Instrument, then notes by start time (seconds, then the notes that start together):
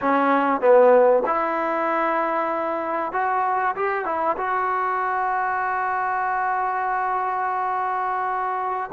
trombone
0.01 C#4
0.60 B3
1.26 E4
3.12 F#4
3.75 G4
4.05 E4
4.37 F#4